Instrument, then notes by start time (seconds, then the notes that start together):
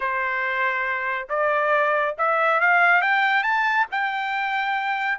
trumpet
0.00 C5
1.29 D5
2.17 E5
2.60 F5
3.01 G5
3.43 A5
3.91 G5